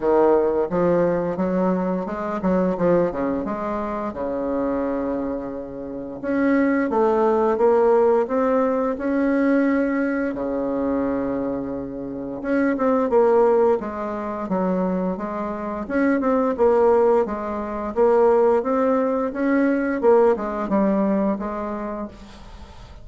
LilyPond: \new Staff \with { instrumentName = "bassoon" } { \time 4/4 \tempo 4 = 87 dis4 f4 fis4 gis8 fis8 | f8 cis8 gis4 cis2~ | cis4 cis'4 a4 ais4 | c'4 cis'2 cis4~ |
cis2 cis'8 c'8 ais4 | gis4 fis4 gis4 cis'8 c'8 | ais4 gis4 ais4 c'4 | cis'4 ais8 gis8 g4 gis4 | }